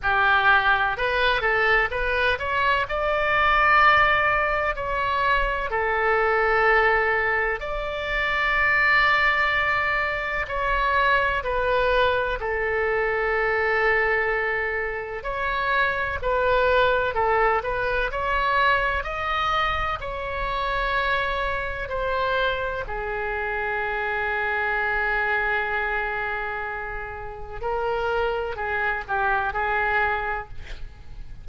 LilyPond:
\new Staff \with { instrumentName = "oboe" } { \time 4/4 \tempo 4 = 63 g'4 b'8 a'8 b'8 cis''8 d''4~ | d''4 cis''4 a'2 | d''2. cis''4 | b'4 a'2. |
cis''4 b'4 a'8 b'8 cis''4 | dis''4 cis''2 c''4 | gis'1~ | gis'4 ais'4 gis'8 g'8 gis'4 | }